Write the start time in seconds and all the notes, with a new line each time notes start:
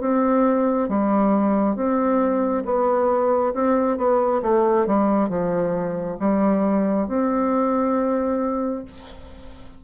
0.00 C4
0.88 G3
1.76 C4
2.65 B3
3.53 C4
3.97 B3
4.42 A3
4.86 G3
5.29 F3
6.19 G3
7.08 C4